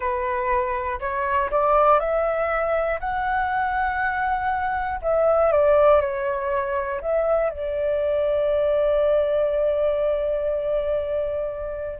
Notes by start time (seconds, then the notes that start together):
0.00 B4
1.00 C#5
1.50 D5
2.00 E5
3.00 F#5
5.02 E5
5.51 D5
6.00 C#5
7.00 E5
7.50 D5